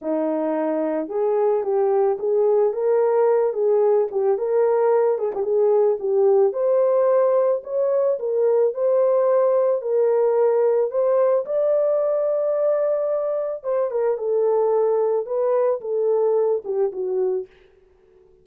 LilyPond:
\new Staff \with { instrumentName = "horn" } { \time 4/4 \tempo 4 = 110 dis'2 gis'4 g'4 | gis'4 ais'4. gis'4 g'8 | ais'4. gis'16 g'16 gis'4 g'4 | c''2 cis''4 ais'4 |
c''2 ais'2 | c''4 d''2.~ | d''4 c''8 ais'8 a'2 | b'4 a'4. g'8 fis'4 | }